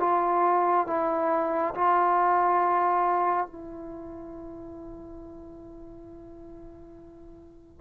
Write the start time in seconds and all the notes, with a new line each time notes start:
0.00 F4
0.87 E4
1.75 F4
3.47 E4